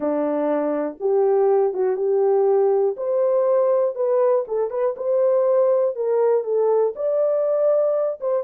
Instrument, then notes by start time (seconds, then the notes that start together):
horn
0.00 D4
0.99 G4
1.73 F#4
1.96 G4
2.96 C5
3.95 B4
4.47 A4
4.70 B4
4.96 C5
5.95 A#4
6.44 A4
6.95 D5
8.20 C5